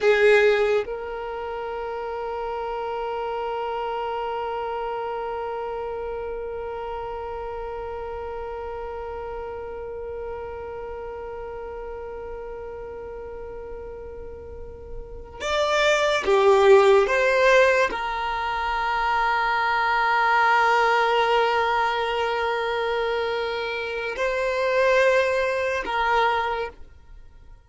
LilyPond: \new Staff \with { instrumentName = "violin" } { \time 4/4 \tempo 4 = 72 gis'4 ais'2.~ | ais'1~ | ais'1~ | ais'1~ |
ais'2~ ais'8 d''4 g'8~ | g'8 c''4 ais'2~ ais'8~ | ais'1~ | ais'4 c''2 ais'4 | }